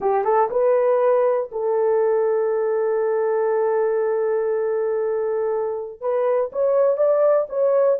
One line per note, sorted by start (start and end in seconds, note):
0.00 0.24 G4
0.24 0.49 A4
0.50 1.50 B4
1.51 6.00 A4
6.00 6.50 B4
6.52 6.97 C#5
6.97 7.47 D5
7.49 7.99 C#5